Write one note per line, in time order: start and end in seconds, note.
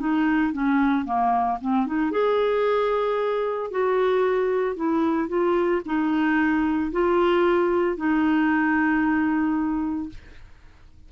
0.00 0.53 D#4
0.53 1.05 C#4
1.05 1.59 A#3
1.62 1.87 C4
1.87 2.12 D#4
2.12 3.71 G#4
3.71 4.76 F#4
4.76 5.29 E4
5.29 5.82 F4
5.86 6.92 D#4
6.92 7.97 F4
7.97 10.10 D#4